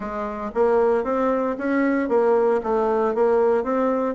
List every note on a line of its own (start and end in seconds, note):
0.00 0.51 G#3
0.54 1.04 A#3
1.04 1.56 C4
1.57 2.08 C#4
2.08 2.60 A#3
2.63 3.14 A3
3.14 3.63 A#3
3.63 4.14 C4